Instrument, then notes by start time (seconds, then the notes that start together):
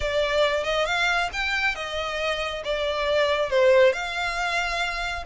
violin
0.00 D5
0.63 D#5
0.85 F5
1.32 G5
1.75 D#5
2.64 D5
3.50 C5
3.93 F5